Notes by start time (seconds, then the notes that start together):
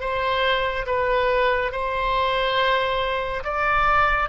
0.00 C5
0.86 B4
1.72 C5
3.44 D5